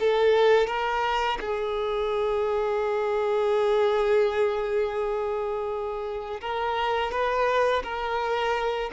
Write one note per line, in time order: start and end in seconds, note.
0.00 0.67 A4
0.67 1.39 A#4
1.41 6.41 G#4
6.41 7.12 A#4
7.12 7.83 B4
7.83 8.91 A#4